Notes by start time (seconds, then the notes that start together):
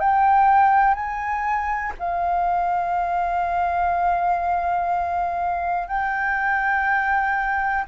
0.00 G5
0.94 G#5
1.99 F5
5.88 G5